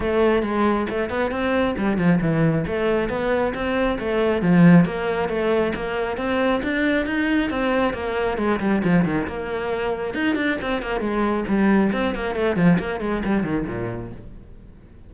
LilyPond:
\new Staff \with { instrumentName = "cello" } { \time 4/4 \tempo 4 = 136 a4 gis4 a8 b8 c'4 | g8 f8 e4 a4 b4 | c'4 a4 f4 ais4 | a4 ais4 c'4 d'4 |
dis'4 c'4 ais4 gis8 g8 | f8 dis8 ais2 dis'8 d'8 | c'8 ais8 gis4 g4 c'8 ais8 | a8 f8 ais8 gis8 g8 dis8 ais,4 | }